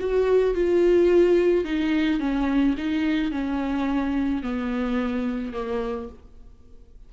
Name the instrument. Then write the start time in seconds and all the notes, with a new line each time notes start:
viola
0.00 F#4
0.55 F4
1.65 D#4
2.20 C#4
2.78 D#4
3.32 C#4
4.43 B3
5.53 A#3